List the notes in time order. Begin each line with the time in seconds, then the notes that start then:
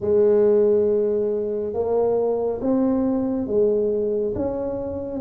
0.00 G#3
1.73 A#3
2.61 C4
3.46 G#3
4.35 C#4